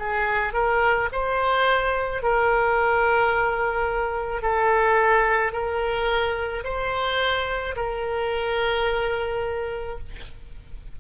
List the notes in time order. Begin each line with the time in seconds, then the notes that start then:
0.00 G#4
0.54 A#4
1.13 C5
2.23 A#4
4.43 A4
5.53 A#4
6.65 C5
7.77 A#4